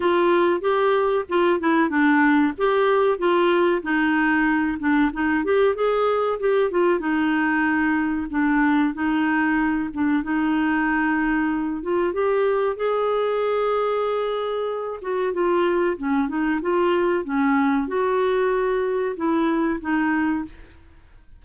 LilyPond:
\new Staff \with { instrumentName = "clarinet" } { \time 4/4 \tempo 4 = 94 f'4 g'4 f'8 e'8 d'4 | g'4 f'4 dis'4. d'8 | dis'8 g'8 gis'4 g'8 f'8 dis'4~ | dis'4 d'4 dis'4. d'8 |
dis'2~ dis'8 f'8 g'4 | gis'2.~ gis'8 fis'8 | f'4 cis'8 dis'8 f'4 cis'4 | fis'2 e'4 dis'4 | }